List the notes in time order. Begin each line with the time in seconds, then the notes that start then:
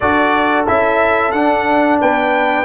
0.00 D4 F#4 A4 D5
0.67 C#4 E4 E5
1.31 D4 F#5
2.00 B3 B4 G5